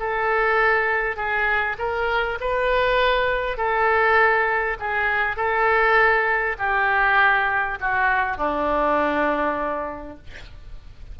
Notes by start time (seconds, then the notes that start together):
0.00 A4
1.16 G#4
1.79 A#4
2.41 B4
3.58 A4
4.80 G#4
5.36 A4
6.59 G4
7.81 F#4
8.37 D4